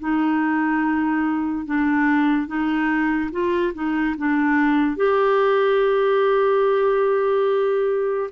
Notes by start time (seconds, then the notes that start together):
0.00 D#4
1.66 D4
2.48 D#4
3.32 F4
3.74 D#4
4.18 D4
4.97 G4